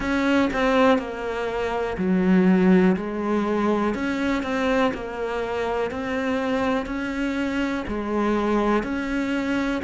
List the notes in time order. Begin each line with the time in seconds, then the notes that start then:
0.00 C#4
0.53 C4
0.98 A#3
1.97 F#3
2.96 G#3
3.94 C#4
4.43 C4
4.94 A#3
5.91 C4
6.85 C#4
7.87 G#3
8.83 C#4